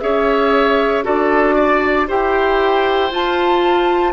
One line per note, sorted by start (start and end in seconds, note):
0.00 1.06 C#4
0.00 1.04 G#4
0.00 1.05 C#5
0.00 1.03 E5
1.04 2.10 D4
1.04 2.07 F#4
1.04 1.55 A4
1.04 2.09 D5
1.55 2.07 D5
2.08 3.12 E4
2.08 3.11 G4
2.08 4.13 C5
2.08 3.13 G5
3.11 4.13 F4
3.11 4.13 A5